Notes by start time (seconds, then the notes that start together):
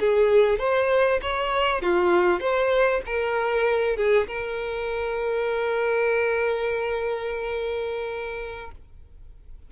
0.00 G#4
0.59 C5
1.22 C#5
1.82 F4
2.40 C5
3.06 A#4
3.97 G#4
4.28 A#4